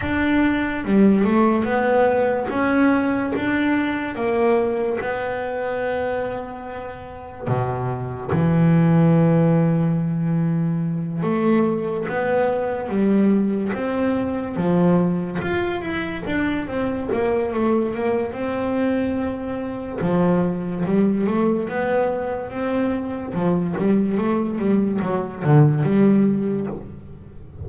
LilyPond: \new Staff \with { instrumentName = "double bass" } { \time 4/4 \tempo 4 = 72 d'4 g8 a8 b4 cis'4 | d'4 ais4 b2~ | b4 b,4 e2~ | e4. a4 b4 g8~ |
g8 c'4 f4 f'8 e'8 d'8 | c'8 ais8 a8 ais8 c'2 | f4 g8 a8 b4 c'4 | f8 g8 a8 g8 fis8 d8 g4 | }